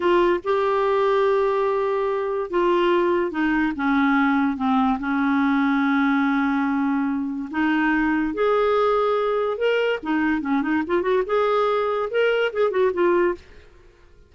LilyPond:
\new Staff \with { instrumentName = "clarinet" } { \time 4/4 \tempo 4 = 144 f'4 g'2.~ | g'2 f'2 | dis'4 cis'2 c'4 | cis'1~ |
cis'2 dis'2 | gis'2. ais'4 | dis'4 cis'8 dis'8 f'8 fis'8 gis'4~ | gis'4 ais'4 gis'8 fis'8 f'4 | }